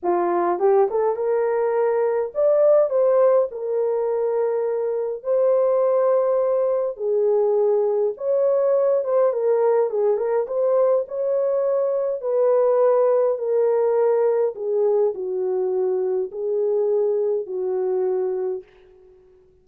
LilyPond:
\new Staff \with { instrumentName = "horn" } { \time 4/4 \tempo 4 = 103 f'4 g'8 a'8 ais'2 | d''4 c''4 ais'2~ | ais'4 c''2. | gis'2 cis''4. c''8 |
ais'4 gis'8 ais'8 c''4 cis''4~ | cis''4 b'2 ais'4~ | ais'4 gis'4 fis'2 | gis'2 fis'2 | }